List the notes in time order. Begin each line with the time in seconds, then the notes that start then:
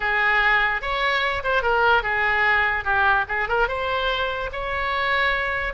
0.00 G#4
0.81 C#5
1.43 C5
1.62 A#4
2.02 G#4
2.84 G4
3.28 G#4
3.48 A#4
3.68 C5
4.52 C#5